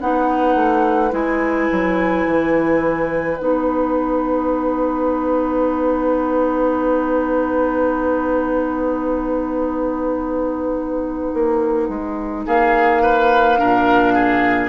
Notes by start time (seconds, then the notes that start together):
0.00 B3 D#4 B4 F#5
0.55 A3
1.11 G#3 E4 G#5
1.72 F#3
2.26 E3
3.38 B3 D#4 F#5
11.34 A#3
11.89 G#3
12.46 A#3 G#4 F5
13.03 B4
13.58 A#2 D4 A#4
14.14 G#4